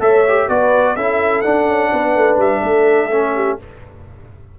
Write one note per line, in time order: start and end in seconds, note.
0.00 0.48 A3
0.00 0.24 A4
0.00 0.48 C#5
0.00 0.49 E5
0.28 0.49 G4
0.48 0.96 B3
0.48 0.97 F#4
0.48 0.96 B4
0.48 0.96 D5
0.96 1.44 C#4
0.96 1.44 E4
0.96 1.92 A4
0.96 1.41 E5
1.41 3.10 D4
1.41 1.68 D4
1.41 2.36 F#5
1.68 1.92 C#4
1.92 2.16 B3
1.92 2.61 B4
2.16 2.37 A3
2.37 2.61 G3
2.37 3.59 E5
2.61 3.58 A3
2.61 3.32 A4
3.11 3.59 C#4
3.35 3.58 G4